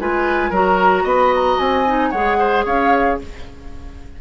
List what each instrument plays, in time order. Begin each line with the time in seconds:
0.00 bassoon G#3, clarinet F4, oboe B4, flute G#5
0.50 bassoon F#3, clarinet F#4, oboe A#4, flute A#5
1.04 bassoon B3, oboe D#5, flute B5
1.35 flute A#5
1.59 bassoon C4, flute G#5
1.87 clarinet D#4
2.11 bassoon G#3, clarinet G#4, oboe C#5, flute F#5
2.39 oboe C5
2.65 bassoon C#4, oboe C#5, flute F5